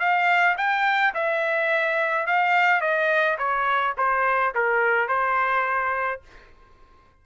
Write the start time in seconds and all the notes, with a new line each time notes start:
0.00 F5
0.58 G5
1.15 E5
2.27 F5
2.81 D#5
3.39 C#5
3.98 C5
4.55 A#4
5.08 C5